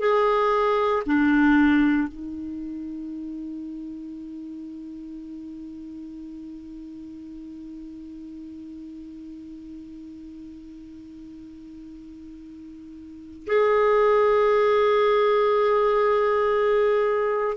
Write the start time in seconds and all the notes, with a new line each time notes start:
0.00 G#4
1.07 D4
2.08 D#4
13.47 G#4